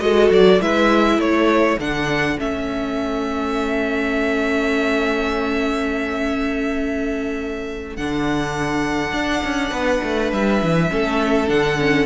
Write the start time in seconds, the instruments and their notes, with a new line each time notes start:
0.00 cello G#3, viola F#4, violin A4 D#5
0.31 cello F#3, violin D5
0.61 cello G#3, viola E4, violin B4 E5
1.19 cello A3, violin A4 C#5
1.79 cello D3, viola D4, violin F#5
2.38 cello A3, viola C#4, violin E5
7.97 cello D3, viola D4, violin F#5
9.13 cello D4
9.44 cello C#4
9.71 cello B3, violin B4
10.03 cello A3
10.33 cello G3, violin E5
10.63 cello E3
10.90 cello A3, viola C#4, violin A4
11.48 cello D3, viola D4, violin F#5
11.80 viola C#4